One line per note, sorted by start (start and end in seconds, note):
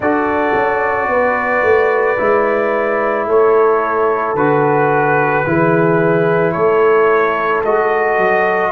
0.00 0.53 D4
0.00 2.17 F#4
0.00 1.10 A4
0.00 3.28 D5
0.54 1.07 C#4
1.07 1.62 B3
1.07 3.28 B4
1.62 2.17 A3
2.17 3.25 G#3
2.17 4.35 E4
3.25 4.34 A3
3.25 5.46 A4
3.25 4.36 C#5
4.34 5.43 D3
4.34 5.45 F#4
4.34 6.52 B4
5.45 6.55 E3
5.45 7.64 E4
5.45 6.53 G#4
6.52 7.64 A3
6.52 8.71 A4
6.52 7.61 C#5
7.64 8.17 G#3
7.64 8.71 F#4
7.64 8.71 D#5
8.17 8.71 F#3